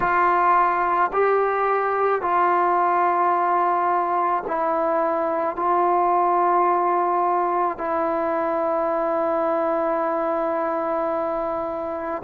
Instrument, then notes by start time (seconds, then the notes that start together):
trombone
0.00 F4
1.12 G4
2.21 F4
4.47 E4
5.56 F4
7.78 E4